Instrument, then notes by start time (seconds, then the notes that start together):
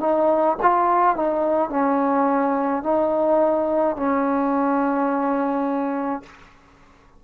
trombone
0.00 D#4
0.62 F4
1.16 D#4
1.70 C#4
2.83 D#4
3.97 C#4